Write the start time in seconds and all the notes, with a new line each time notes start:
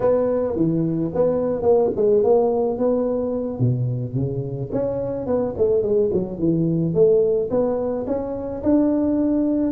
0.00 B3
0.56 E3
1.14 B3
1.62 A#3
1.95 G#3
2.23 A#3
2.78 B3
3.59 B2
4.14 C#3
4.72 C#4
5.26 B3
5.57 A3
5.82 G#3
6.13 F#3
6.38 E3
6.94 A3
7.50 B3
8.06 C#4
8.63 D4